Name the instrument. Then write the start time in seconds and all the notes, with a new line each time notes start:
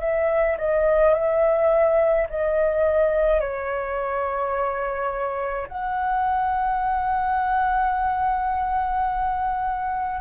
flute
0.00 E5
0.58 D#5
1.14 E5
2.30 D#5
3.41 C#5
5.68 F#5